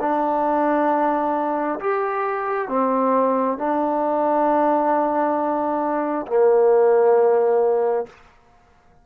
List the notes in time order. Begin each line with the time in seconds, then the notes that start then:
0.00 D4
1.80 G4
2.68 C4
3.57 D4
6.27 A#3